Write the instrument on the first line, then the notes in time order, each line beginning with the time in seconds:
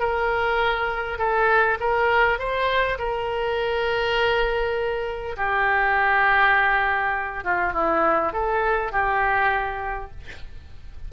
oboe
0.00 A#4
1.19 A4
1.80 A#4
2.39 C5
2.99 A#4
5.37 G4
7.44 F4
7.73 E4
8.33 A4
8.92 G4